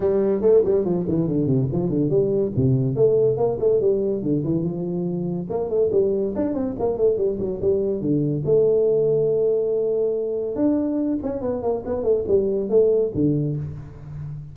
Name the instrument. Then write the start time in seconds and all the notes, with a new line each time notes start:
tuba
0.00 G3
0.41 A3
0.64 G3
0.84 F3
1.08 E3
1.27 D3
1.46 C3
1.72 F3
1.89 D3
2.09 G3
2.55 C3
2.95 A3
3.37 A#3
3.59 A3
3.80 G3
4.22 D3
4.44 E3
4.62 F3
5.49 A#3
5.69 A3
5.92 G3
6.35 D4
6.54 C4
6.79 A#3
6.97 A3
7.17 G3
7.39 F#3
7.61 G3
8.01 D3
8.45 A3
10.55 D4
11.22 C#4
11.41 B3
11.62 A#3
11.85 B3
12.03 A3
12.27 G3
12.69 A3
13.14 D3